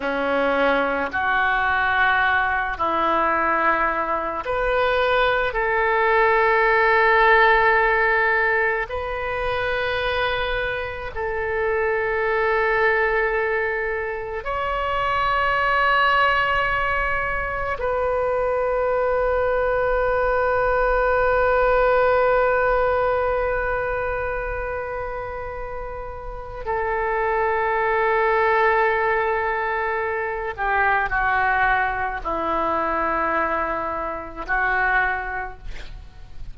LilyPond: \new Staff \with { instrumentName = "oboe" } { \time 4/4 \tempo 4 = 54 cis'4 fis'4. e'4. | b'4 a'2. | b'2 a'2~ | a'4 cis''2. |
b'1~ | b'1 | a'2.~ a'8 g'8 | fis'4 e'2 fis'4 | }